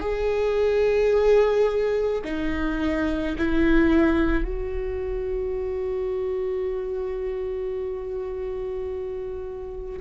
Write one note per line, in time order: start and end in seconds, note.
0.00 2.22 G#4
2.25 3.36 D#4
3.38 4.44 E4
4.44 10.00 F#4